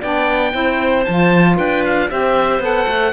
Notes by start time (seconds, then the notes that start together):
0.00 B3 D4 D5 G5
0.52 C4 E4 C5
1.04 F3 F4 A5
1.56 D4 B4 G5
1.84 F5
2.09 C4 G4 C5 E5
2.60 B3 A4 F#5
2.87 A3